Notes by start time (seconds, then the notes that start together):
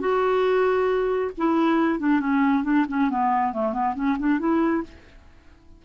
0.00 F#4
1.38 E4
1.99 D4
2.20 C#4
2.64 D4
2.88 C#4
3.10 B3
3.53 A3
3.73 B3
3.95 C#4
4.19 D4
4.39 E4